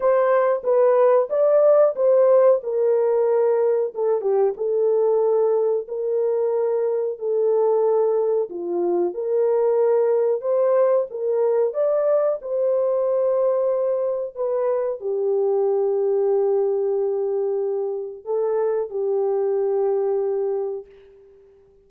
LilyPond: \new Staff \with { instrumentName = "horn" } { \time 4/4 \tempo 4 = 92 c''4 b'4 d''4 c''4 | ais'2 a'8 g'8 a'4~ | a'4 ais'2 a'4~ | a'4 f'4 ais'2 |
c''4 ais'4 d''4 c''4~ | c''2 b'4 g'4~ | g'1 | a'4 g'2. | }